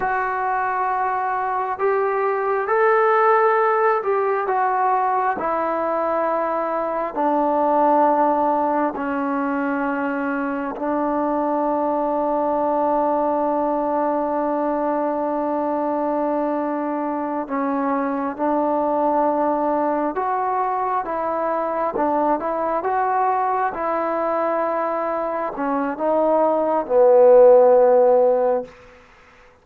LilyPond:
\new Staff \with { instrumentName = "trombone" } { \time 4/4 \tempo 4 = 67 fis'2 g'4 a'4~ | a'8 g'8 fis'4 e'2 | d'2 cis'2 | d'1~ |
d'2.~ d'8 cis'8~ | cis'8 d'2 fis'4 e'8~ | e'8 d'8 e'8 fis'4 e'4.~ | e'8 cis'8 dis'4 b2 | }